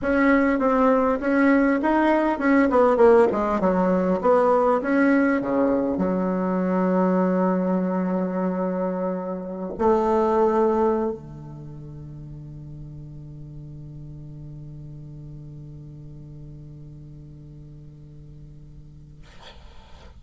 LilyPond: \new Staff \with { instrumentName = "bassoon" } { \time 4/4 \tempo 4 = 100 cis'4 c'4 cis'4 dis'4 | cis'8 b8 ais8 gis8 fis4 b4 | cis'4 cis4 fis2~ | fis1~ |
fis16 a2~ a16 d4.~ | d1~ | d1~ | d1 | }